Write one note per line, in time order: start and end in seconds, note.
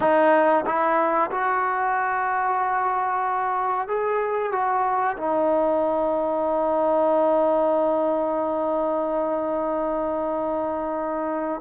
0.00 0.64 D#4
0.66 1.30 E4
1.30 3.88 F#4
3.88 4.52 G#4
4.52 5.16 F#4
5.17 11.61 D#4